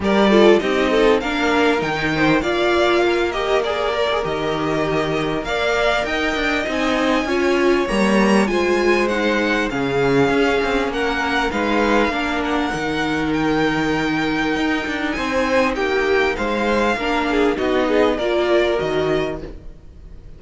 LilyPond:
<<
  \new Staff \with { instrumentName = "violin" } { \time 4/4 \tempo 4 = 99 d''4 dis''4 f''4 g''4 | f''4. dis''8 d''4 dis''4~ | dis''4 f''4 g''4 gis''4~ | gis''4 ais''4 gis''4 fis''4 |
f''2 fis''4 f''4~ | f''8 fis''4. g''2~ | g''4 gis''4 g''4 f''4~ | f''4 dis''4 d''4 dis''4 | }
  \new Staff \with { instrumentName = "violin" } { \time 4/4 ais'8 a'8 g'8 a'8 ais'4. c''8 | d''4 ais'2.~ | ais'4 d''4 dis''2 | cis''2 c''2 |
gis'2 ais'4 b'4 | ais'1~ | ais'4 c''4 g'4 c''4 | ais'8 gis'8 fis'8 gis'8 ais'2 | }
  \new Staff \with { instrumentName = "viola" } { \time 4/4 g'8 f'8 dis'4 d'4 dis'4 | f'4. g'8 gis'8 ais'16 gis'16 g'4~ | g'4 ais'2 dis'4 | f'4 ais4 f'4 dis'4 |
cis'2. dis'4 | d'4 dis'2.~ | dis'1 | d'4 dis'4 f'4 fis'4 | }
  \new Staff \with { instrumentName = "cello" } { \time 4/4 g4 c'4 ais4 dis4 | ais2. dis4~ | dis4 ais4 dis'8 d'8 c'4 | cis'4 g4 gis2 |
cis4 cis'8 c'8 ais4 gis4 | ais4 dis2. | dis'8 d'8 c'4 ais4 gis4 | ais4 b4 ais4 dis4 | }
>>